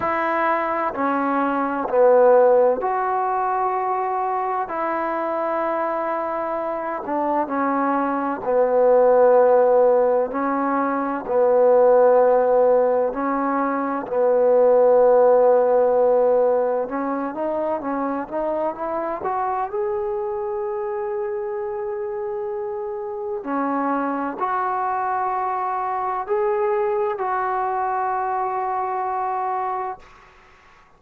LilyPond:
\new Staff \with { instrumentName = "trombone" } { \time 4/4 \tempo 4 = 64 e'4 cis'4 b4 fis'4~ | fis'4 e'2~ e'8 d'8 | cis'4 b2 cis'4 | b2 cis'4 b4~ |
b2 cis'8 dis'8 cis'8 dis'8 | e'8 fis'8 gis'2.~ | gis'4 cis'4 fis'2 | gis'4 fis'2. | }